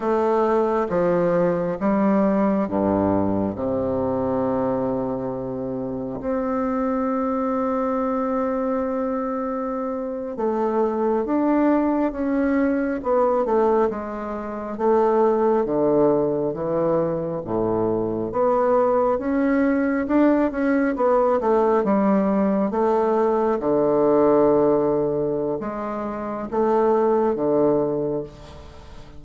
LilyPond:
\new Staff \with { instrumentName = "bassoon" } { \time 4/4 \tempo 4 = 68 a4 f4 g4 g,4 | c2. c'4~ | c'2.~ c'8. a16~ | a8. d'4 cis'4 b8 a8 gis16~ |
gis8. a4 d4 e4 a,16~ | a,8. b4 cis'4 d'8 cis'8 b16~ | b16 a8 g4 a4 d4~ d16~ | d4 gis4 a4 d4 | }